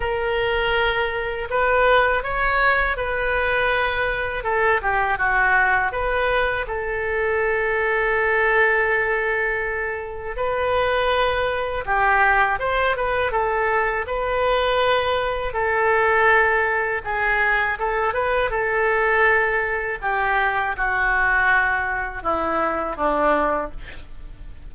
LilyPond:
\new Staff \with { instrumentName = "oboe" } { \time 4/4 \tempo 4 = 81 ais'2 b'4 cis''4 | b'2 a'8 g'8 fis'4 | b'4 a'2.~ | a'2 b'2 |
g'4 c''8 b'8 a'4 b'4~ | b'4 a'2 gis'4 | a'8 b'8 a'2 g'4 | fis'2 e'4 d'4 | }